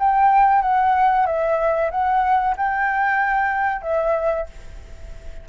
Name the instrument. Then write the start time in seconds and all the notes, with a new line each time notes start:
flute
0.00 G5
0.62 F#5
1.27 E5
1.91 F#5
2.57 G5
3.82 E5